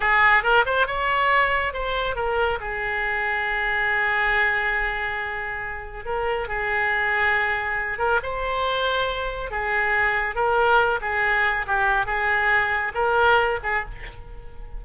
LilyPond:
\new Staff \with { instrumentName = "oboe" } { \time 4/4 \tempo 4 = 139 gis'4 ais'8 c''8 cis''2 | c''4 ais'4 gis'2~ | gis'1~ | gis'2 ais'4 gis'4~ |
gis'2~ gis'8 ais'8 c''4~ | c''2 gis'2 | ais'4. gis'4. g'4 | gis'2 ais'4. gis'8 | }